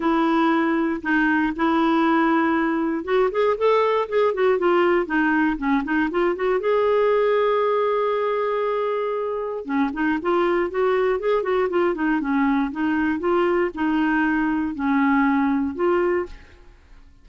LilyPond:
\new Staff \with { instrumentName = "clarinet" } { \time 4/4 \tempo 4 = 118 e'2 dis'4 e'4~ | e'2 fis'8 gis'8 a'4 | gis'8 fis'8 f'4 dis'4 cis'8 dis'8 | f'8 fis'8 gis'2.~ |
gis'2. cis'8 dis'8 | f'4 fis'4 gis'8 fis'8 f'8 dis'8 | cis'4 dis'4 f'4 dis'4~ | dis'4 cis'2 f'4 | }